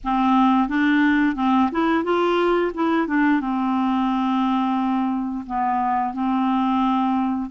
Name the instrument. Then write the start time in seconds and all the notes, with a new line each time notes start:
clarinet
0.03 C4
0.68 D4
1.35 C4
1.71 E4
2.03 F4
2.73 E4
3.07 D4
3.40 C4
5.46 B3
6.13 C4